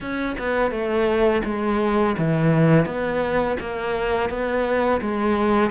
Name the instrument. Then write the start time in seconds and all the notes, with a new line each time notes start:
cello
0.00 C#4
0.38 B3
0.71 A3
1.44 G#3
2.18 E3
2.85 B3
3.60 A#3
4.29 B3
5.01 G#3